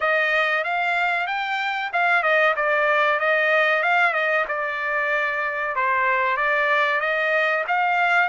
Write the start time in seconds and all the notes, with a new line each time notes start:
0.00 D#5
0.64 F5
1.26 G5
1.92 F5
2.22 D#5
2.56 D5
3.19 D#5
3.83 F5
4.13 D#5
4.48 D5
5.75 C5
6.36 D5
7.00 D#5
7.67 F5